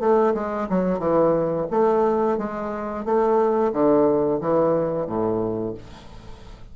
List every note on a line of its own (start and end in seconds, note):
0.00 0.34 A3
0.34 0.68 G#3
0.69 0.99 F#3
0.99 1.67 E3
1.71 2.38 A3
2.38 3.05 G#3
3.05 3.73 A3
3.73 4.40 D3
4.41 5.07 E3
5.07 5.74 A2